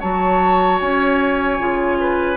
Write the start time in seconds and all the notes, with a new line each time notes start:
0.00 F#3 F#4 C#5 A5
0.80 C#4 G#5
1.59 C#3 F4
2.00 B4